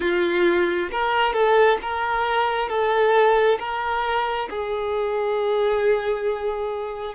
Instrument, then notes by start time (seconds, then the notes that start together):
violin
0.00 F4
0.91 A#4
1.33 A4
1.82 A#4
2.68 A4
3.59 A#4
4.49 G#4